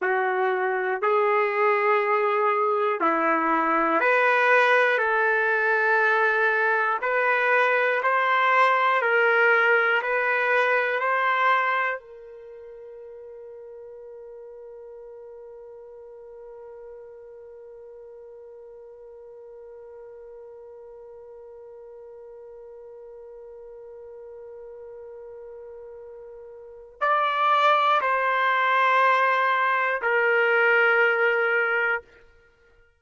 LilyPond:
\new Staff \with { instrumentName = "trumpet" } { \time 4/4 \tempo 4 = 60 fis'4 gis'2 e'4 | b'4 a'2 b'4 | c''4 ais'4 b'4 c''4 | ais'1~ |
ais'1~ | ais'1~ | ais'2. d''4 | c''2 ais'2 | }